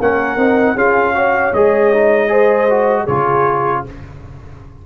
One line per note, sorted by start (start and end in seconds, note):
0.00 0.37 A#3
0.00 0.37 C#4
0.00 0.76 A#4
0.00 0.78 F#5
0.37 0.75 C4
0.37 0.76 D#4
0.75 1.52 C#4
0.75 1.15 F4
0.75 1.14 G#4
0.75 1.54 F5
1.15 1.53 F#4
1.15 2.30 C#5
1.53 3.07 G#3
1.53 1.93 G#4
1.53 3.07 D#5
1.93 2.28 D#4
2.28 2.67 G#4
2.28 3.04 C5
2.70 3.08 F#4
3.04 3.85 C#3
3.04 3.86 F4
3.04 3.80 G#4
3.04 3.84 C#5